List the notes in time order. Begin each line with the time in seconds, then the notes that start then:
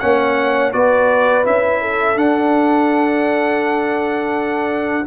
0.00 A#3 C#4 C#5 F#5
0.73 B3 F#4 B4 D5
1.44 C#4 E4 E5
1.82 A4
2.16 D4 F#5